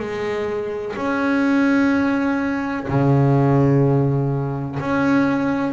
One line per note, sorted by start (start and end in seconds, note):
0.00 0.95 G#3
0.97 2.87 C#4
2.89 4.79 C#3
4.80 5.73 C#4